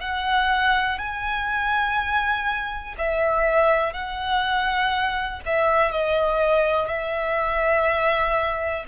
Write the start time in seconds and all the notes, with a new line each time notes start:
0.00 F#5
0.98 G#5
2.98 E5
3.93 F#5
5.45 E5
5.91 D#5
6.88 E5